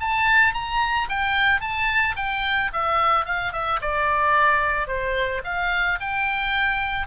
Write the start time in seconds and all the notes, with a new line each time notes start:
0.00 A5
0.54 A#5
1.09 G5
1.61 A5
2.16 G5
2.73 E5
3.25 F5
3.53 E5
3.81 D5
4.87 C5
5.44 F5
6.00 G5